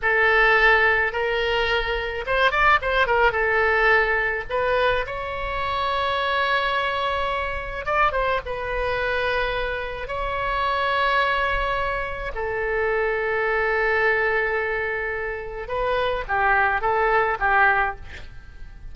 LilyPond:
\new Staff \with { instrumentName = "oboe" } { \time 4/4 \tempo 4 = 107 a'2 ais'2 | c''8 d''8 c''8 ais'8 a'2 | b'4 cis''2.~ | cis''2 d''8 c''8 b'4~ |
b'2 cis''2~ | cis''2 a'2~ | a'1 | b'4 g'4 a'4 g'4 | }